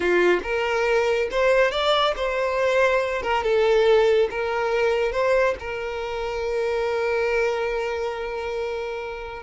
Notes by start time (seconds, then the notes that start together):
0.00 F4
0.43 A#4
1.31 C5
1.71 D5
2.16 C5
3.22 A#4
3.43 A4
4.30 A#4
5.12 C5
5.59 A#4